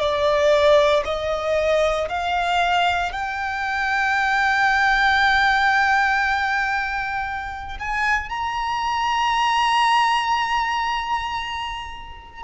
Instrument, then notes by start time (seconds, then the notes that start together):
violin
0.00 D5
1.05 D#5
2.09 F5
3.12 G5
7.80 G#5
8.30 A#5